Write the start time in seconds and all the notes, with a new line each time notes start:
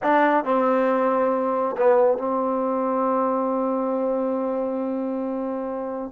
0.02 D4
0.44 C4
1.77 B3
2.17 C4